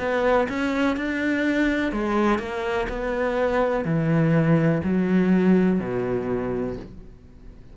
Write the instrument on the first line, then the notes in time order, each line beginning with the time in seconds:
cello
0.00 B3
0.49 C#4
0.97 D4
1.93 G#3
2.39 A#3
2.89 B3
3.85 E3
4.84 F#3
5.80 B2